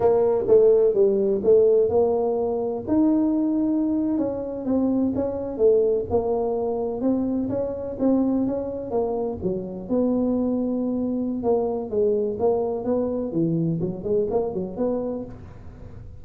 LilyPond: \new Staff \with { instrumentName = "tuba" } { \time 4/4 \tempo 4 = 126 ais4 a4 g4 a4 | ais2 dis'2~ | dis'8. cis'4 c'4 cis'4 a16~ | a8. ais2 c'4 cis'16~ |
cis'8. c'4 cis'4 ais4 fis16~ | fis8. b2.~ b16 | ais4 gis4 ais4 b4 | e4 fis8 gis8 ais8 fis8 b4 | }